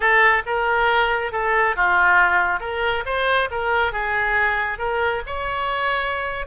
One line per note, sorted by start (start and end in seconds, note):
0.00 0.42 A4
0.45 1.32 A#4
1.32 1.75 A4
1.76 2.60 F4
2.60 3.03 A#4
3.05 3.49 C5
3.51 3.92 A#4
3.92 4.78 G#4
4.78 5.22 A#4
5.26 6.46 C#5